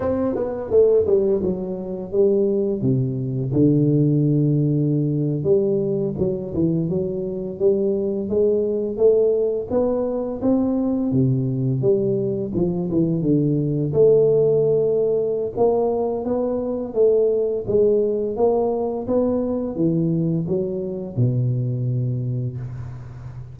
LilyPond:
\new Staff \with { instrumentName = "tuba" } { \time 4/4 \tempo 4 = 85 c'8 b8 a8 g8 fis4 g4 | c4 d2~ d8. g16~ | g8. fis8 e8 fis4 g4 gis16~ | gis8. a4 b4 c'4 c16~ |
c8. g4 f8 e8 d4 a16~ | a2 ais4 b4 | a4 gis4 ais4 b4 | e4 fis4 b,2 | }